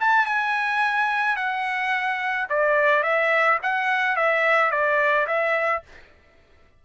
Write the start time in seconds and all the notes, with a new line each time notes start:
0.00 A5
0.25 G#5
1.36 F#5
2.49 D5
3.03 E5
3.62 F#5
4.16 E5
4.70 D5
5.27 E5